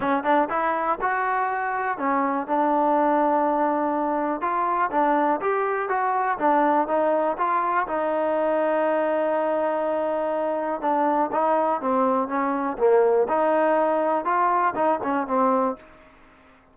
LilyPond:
\new Staff \with { instrumentName = "trombone" } { \time 4/4 \tempo 4 = 122 cis'8 d'8 e'4 fis'2 | cis'4 d'2.~ | d'4 f'4 d'4 g'4 | fis'4 d'4 dis'4 f'4 |
dis'1~ | dis'2 d'4 dis'4 | c'4 cis'4 ais4 dis'4~ | dis'4 f'4 dis'8 cis'8 c'4 | }